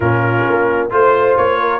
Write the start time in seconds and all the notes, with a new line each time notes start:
0.00 A#2 C#4 F4 A#4
0.48 A#3
0.90 A3 F4 C5
1.37 A#3 C#5
1.59 A#4